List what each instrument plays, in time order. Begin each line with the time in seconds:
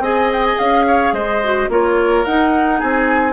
0.00 bassoon C4, clarinet G#4, oboe D#5, flute G#5
0.33 flute G5
0.46 flute G#5
0.59 bassoon C#4, flute F5
0.87 oboe C#5
1.13 bassoon G#3, oboe C5, flute D#5
1.44 clarinet F#4
1.69 bassoon A#3, clarinet F4, oboe A#4, flute C#5
2.25 bassoon D#4, clarinet D#4, flute F#5
2.80 bassoon C4, oboe G#4, flute G#5